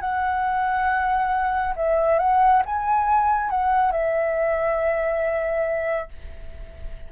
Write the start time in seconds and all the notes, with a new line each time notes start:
0.00 F#5
1.75 E5
2.19 F#5
2.65 G#5
3.50 F#5
3.91 E5